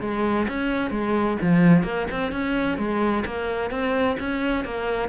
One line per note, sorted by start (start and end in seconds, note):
0.00 0.47 G#3
0.48 0.90 C#4
0.90 1.37 G#3
1.41 1.83 F3
1.83 2.06 A#3
2.11 2.32 C4
2.32 2.77 C#4
2.77 3.24 G#3
3.25 3.70 A#3
3.70 4.16 C4
4.19 4.64 C#4
4.64 5.08 A#3